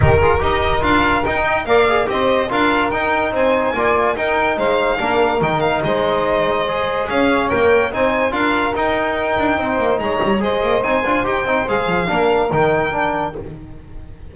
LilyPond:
<<
  \new Staff \with { instrumentName = "violin" } { \time 4/4 \tempo 4 = 144 ais'4 dis''4 f''4 g''4 | f''4 dis''4 f''4 g''4 | gis''2 g''4 f''4~ | f''4 g''8 f''8 dis''2~ |
dis''4 f''4 g''4 gis''4 | f''4 g''2. | ais''4 dis''4 gis''4 g''4 | f''2 g''2 | }
  \new Staff \with { instrumentName = "saxophone" } { \time 4/4 g'8 gis'8 ais'2~ ais'8 dis''8 | d''4 c''4 ais'2 | c''4 d''4 ais'4 c''4 | ais'2 c''2~ |
c''4 cis''2 c''4 | ais'2. c''4 | cis''4 c''2.~ | c''4 ais'2. | }
  \new Staff \with { instrumentName = "trombone" } { \time 4/4 dis'8 f'8 g'4 f'4 dis'4 | ais'8 gis'8 g'4 f'4 dis'4~ | dis'4 f'4 dis'2 | d'4 dis'2. |
gis'2 ais'4 dis'4 | f'4 dis'2.~ | dis'4 gis'4 dis'8 f'8 g'8 dis'8 | gis'4 d'4 dis'4 d'4 | }
  \new Staff \with { instrumentName = "double bass" } { \time 4/4 dis4 dis'4 d'4 dis'4 | ais4 c'4 d'4 dis'4 | c'4 ais4 dis'4 gis4 | ais4 dis4 gis2~ |
gis4 cis'4 ais4 c'4 | d'4 dis'4. d'8 c'8 ais8 | gis8 g8 gis8 ais8 c'8 d'8 dis'8 c'8 | gis8 f8 ais4 dis2 | }
>>